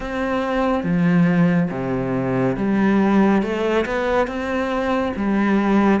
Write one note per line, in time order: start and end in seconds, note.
0.00 0.83 C4
0.83 1.69 F3
1.70 2.56 C3
2.56 3.42 G3
3.42 3.85 A3
3.85 4.27 B3
4.27 5.12 C4
5.16 6.00 G3